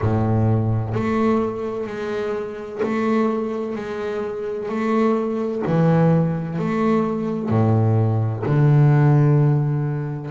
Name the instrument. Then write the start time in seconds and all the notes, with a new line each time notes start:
double bass
0.01 A2
0.94 A3
1.87 G#3
2.83 A3
3.75 G#3
4.68 A3
5.66 E3
6.59 A3
7.49 A2
8.45 D3